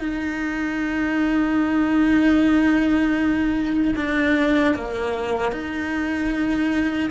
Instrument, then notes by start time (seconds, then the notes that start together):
cello
0.00 D#4
3.96 D4
4.75 A#3
5.52 D#4